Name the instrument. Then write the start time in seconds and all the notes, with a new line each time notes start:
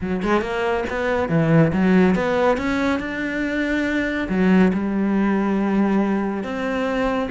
cello
0.01 F#3
0.23 G#3
0.41 A#3
0.89 B3
1.29 E3
1.73 F#3
2.15 B3
2.57 C#4
2.99 D4
4.29 F#3
4.73 G3
6.43 C4